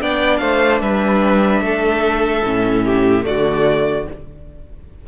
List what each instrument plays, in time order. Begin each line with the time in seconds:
0.00 cello B3, viola D4, violin D5 G5
0.38 cello A3, violin C5 F5
0.81 cello G3, violin B4 E5
1.61 cello A3, violin A4
2.44 cello A2, viola C#4
2.85 violin G4
3.22 cello D3, viola A3, violin F#4 D5